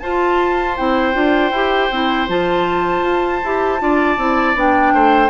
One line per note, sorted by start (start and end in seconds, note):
0.00 0.78 F4
0.00 0.77 F4
0.00 3.83 C5
0.00 0.76 A5
0.77 1.15 C4
0.77 1.14 E4
0.77 2.29 G5
1.14 1.52 D4
1.14 1.52 F4
1.52 1.90 E4
1.52 1.92 G4
1.91 2.28 C4
1.91 2.29 E4
2.28 3.02 F3
2.28 3.43 F4
2.28 4.58 A5
3.02 3.40 F4
3.45 3.81 E4
3.45 3.79 G4
3.79 4.18 D4
3.79 4.17 F4
3.79 4.94 D5
4.18 4.55 C4
4.18 4.56 E4
4.55 4.93 B3
4.55 5.31 D4
4.55 5.31 G5
4.94 5.31 A3
4.94 5.31 C5